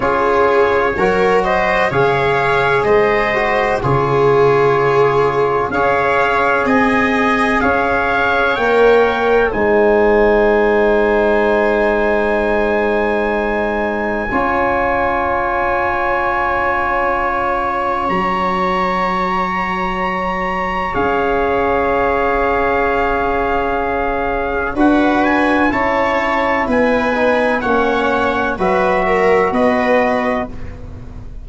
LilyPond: <<
  \new Staff \with { instrumentName = "trumpet" } { \time 4/4 \tempo 4 = 63 cis''4. dis''8 f''4 dis''4 | cis''2 f''4 gis''4 | f''4 g''4 gis''2~ | gis''1~ |
gis''2. ais''4~ | ais''2 f''2~ | f''2 fis''8 gis''8 a''4 | gis''4 fis''4 e''4 dis''4 | }
  \new Staff \with { instrumentName = "viola" } { \time 4/4 gis'4 ais'8 c''8 cis''4 c''4 | gis'2 cis''4 dis''4 | cis''2 c''2~ | c''2. cis''4~ |
cis''1~ | cis''1~ | cis''2 b'4 cis''4 | b'4 cis''4 b'8 ais'8 b'4 | }
  \new Staff \with { instrumentName = "trombone" } { \time 4/4 f'4 fis'4 gis'4. fis'8 | f'2 gis'2~ | gis'4 ais'4 dis'2~ | dis'2. f'4~ |
f'2. fis'4~ | fis'2 gis'2~ | gis'2 fis'4 e'4~ | e'8 dis'8 cis'4 fis'2 | }
  \new Staff \with { instrumentName = "tuba" } { \time 4/4 cis'4 fis4 cis4 gis4 | cis2 cis'4 c'4 | cis'4 ais4 gis2~ | gis2. cis'4~ |
cis'2. fis4~ | fis2 cis'2~ | cis'2 d'4 cis'4 | b4 ais4 fis4 b4 | }
>>